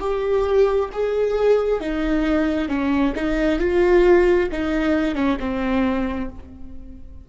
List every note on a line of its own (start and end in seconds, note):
0.00 0.90 G4
0.92 1.80 G#4
1.80 2.68 D#4
2.68 3.13 C#4
3.15 3.59 D#4
3.59 4.49 F4
4.51 5.15 D#4
5.15 5.37 C#4
5.40 6.29 C4